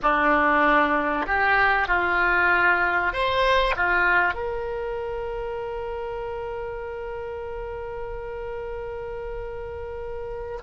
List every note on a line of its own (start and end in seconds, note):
0.02 1.26 D4
1.26 1.88 G4
1.88 3.12 F4
3.12 3.75 C5
3.76 4.34 F4
4.34 10.59 A#4